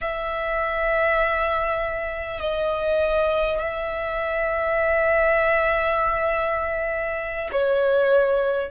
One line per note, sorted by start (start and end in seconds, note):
0.01 2.40 E5
2.40 3.60 D#5
3.60 7.50 E5
7.52 8.71 C#5